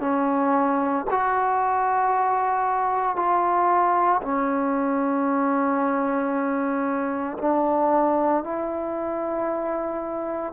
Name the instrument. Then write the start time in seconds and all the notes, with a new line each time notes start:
trombone
0.00 C#4
1.10 F#4
3.16 F4
4.22 C#4
7.38 D4
8.44 E4